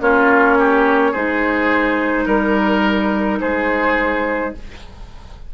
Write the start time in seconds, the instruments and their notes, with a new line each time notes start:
0.00 bassoon A#3, clarinet C#4, oboe F4, flute C#5
0.58 oboe G4
1.12 bassoon G#3, clarinet D#4, oboe G#4, flute C5
2.25 bassoon G3, oboe A#4, flute A#4
3.41 bassoon G#3, oboe G#4, flute C5